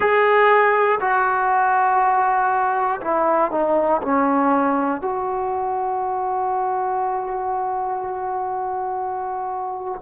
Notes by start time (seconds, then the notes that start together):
0.00 G#4
1.00 F#4
3.01 E4
3.51 D#4
4.02 C#4
5.01 F#4